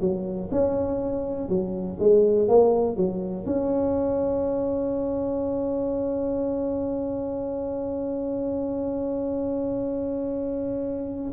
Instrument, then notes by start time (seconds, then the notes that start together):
tuba
0.00 F#3
0.51 C#4
1.48 F#3
1.99 G#3
2.48 A#3
2.96 F#3
3.46 C#4